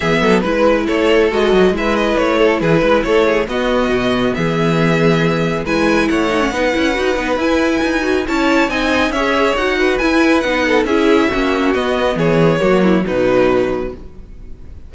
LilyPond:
<<
  \new Staff \with { instrumentName = "violin" } { \time 4/4 \tempo 4 = 138 e''4 b'4 cis''4 dis''4 | e''8 dis''8 cis''4 b'4 cis''4 | dis''2 e''2~ | e''4 gis''4 fis''2~ |
fis''4 gis''2 a''4 | gis''4 e''4 fis''4 gis''4 | fis''4 e''2 dis''4 | cis''2 b'2 | }
  \new Staff \with { instrumentName = "violin" } { \time 4/4 gis'8 a'8 b'4 a'2 | b'4. a'8 gis'8 b'8 a'8 gis'8 | fis'2 gis'2~ | gis'4 b'4 cis''4 b'4~ |
b'2. cis''4 | dis''4 cis''4. b'4.~ | b'8 a'8 gis'4 fis'2 | gis'4 fis'8 e'8 dis'2 | }
  \new Staff \with { instrumentName = "viola" } { \time 4/4 b4 e'2 fis'4 | e'1 | b1~ | b4 e'4. dis'16 cis'16 dis'8 e'8 |
fis'8 dis'8 e'4. fis'8 e'4 | dis'4 gis'4 fis'4 e'4 | dis'4 e'4 cis'4 b4~ | b4 ais4 fis2 | }
  \new Staff \with { instrumentName = "cello" } { \time 4/4 e8 fis8 gis4 a4 gis8 fis8 | gis4 a4 e8 gis8 a4 | b4 b,4 e2~ | e4 gis4 a4 b8 cis'8 |
dis'8 b8 e'4 dis'4 cis'4 | c'4 cis'4 dis'4 e'4 | b4 cis'4 ais4 b4 | e4 fis4 b,2 | }
>>